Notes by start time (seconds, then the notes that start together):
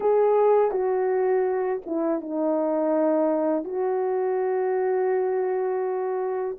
0.00 G#4
0.71 F#4
1.86 E4
2.20 D#4
3.64 F#4